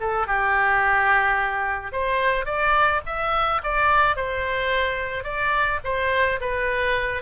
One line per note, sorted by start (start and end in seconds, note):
0.00 0.27 A4
0.27 1.92 G4
1.92 2.45 C5
2.45 3.01 D5
3.06 3.61 E5
3.63 4.16 D5
4.16 5.24 C5
5.24 5.79 D5
5.84 6.40 C5
6.41 7.22 B4